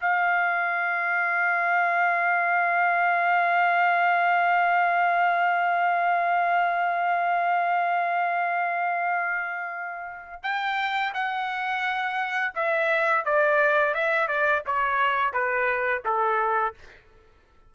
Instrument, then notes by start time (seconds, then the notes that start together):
trumpet
0.00 F5
10.43 G5
11.13 F#5
12.55 E5
13.25 D5
13.94 E5
14.27 D5
14.66 C#5
15.32 B4
16.04 A4